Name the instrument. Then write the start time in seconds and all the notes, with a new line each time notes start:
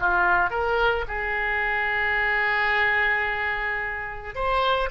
oboe
0.00 F4
0.51 A#4
1.08 G#4
4.35 C5